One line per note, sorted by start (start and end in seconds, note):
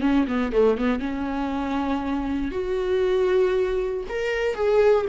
0.00 0.25 C#4
0.27 0.52 B3
0.52 0.77 A3
0.77 0.99 B3
0.99 2.51 C#4
2.51 4.04 F#4
4.08 4.54 A#4
4.54 5.05 G#4